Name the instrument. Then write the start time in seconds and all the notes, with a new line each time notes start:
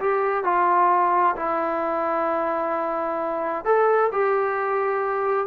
trombone
0.00 G4
0.44 F4
1.36 E4
3.65 A4
4.12 G4